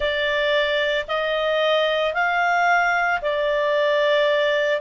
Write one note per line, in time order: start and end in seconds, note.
0.00 1.06 D5
1.07 2.13 D#5
2.13 3.20 F5
3.21 4.81 D5